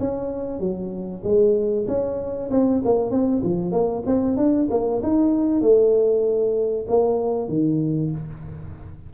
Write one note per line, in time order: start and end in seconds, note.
0.00 0.60 C#4
0.60 1.22 F#3
1.24 1.86 G#3
1.88 2.50 C#4
2.51 2.82 C4
2.85 3.11 A#3
3.11 3.42 C4
3.43 3.72 F3
3.72 4.03 A#3
4.06 4.37 C4
4.37 4.68 D4
4.70 5.02 A#3
5.03 5.61 D#4
5.61 6.86 A3
6.88 7.48 A#3
7.48 8.11 D#3